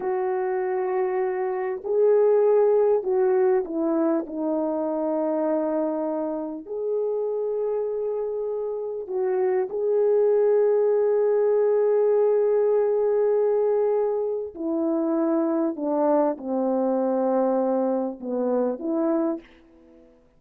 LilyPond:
\new Staff \with { instrumentName = "horn" } { \time 4/4 \tempo 4 = 99 fis'2. gis'4~ | gis'4 fis'4 e'4 dis'4~ | dis'2. gis'4~ | gis'2. fis'4 |
gis'1~ | gis'1 | e'2 d'4 c'4~ | c'2 b4 e'4 | }